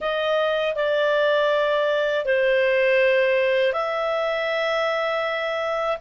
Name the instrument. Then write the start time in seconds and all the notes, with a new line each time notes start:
clarinet
0.00 D#5
0.75 D5
2.25 C5
3.72 E5